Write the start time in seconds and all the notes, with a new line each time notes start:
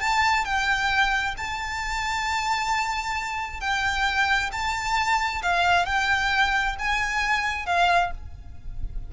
0.00 A5
0.45 G5
1.37 A5
3.60 G5
4.52 A5
5.42 F5
5.86 G5
6.79 G#5
7.66 F5